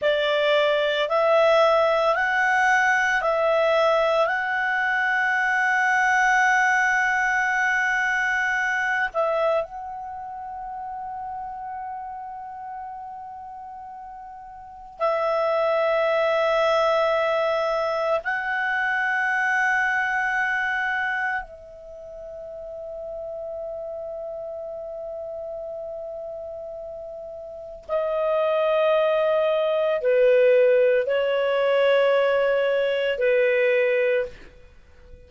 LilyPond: \new Staff \with { instrumentName = "clarinet" } { \time 4/4 \tempo 4 = 56 d''4 e''4 fis''4 e''4 | fis''1~ | fis''8 e''8 fis''2.~ | fis''2 e''2~ |
e''4 fis''2. | e''1~ | e''2 dis''2 | b'4 cis''2 b'4 | }